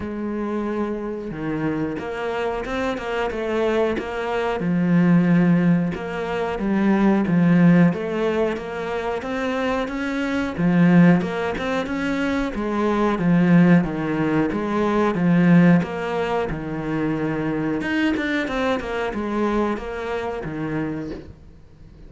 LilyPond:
\new Staff \with { instrumentName = "cello" } { \time 4/4 \tempo 4 = 91 gis2 dis4 ais4 | c'8 ais8 a4 ais4 f4~ | f4 ais4 g4 f4 | a4 ais4 c'4 cis'4 |
f4 ais8 c'8 cis'4 gis4 | f4 dis4 gis4 f4 | ais4 dis2 dis'8 d'8 | c'8 ais8 gis4 ais4 dis4 | }